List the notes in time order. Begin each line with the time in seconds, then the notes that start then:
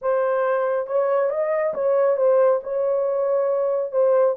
0.01 C5
0.87 C#5
1.30 D#5
1.74 C#5
2.16 C5
2.63 C#5
3.91 C5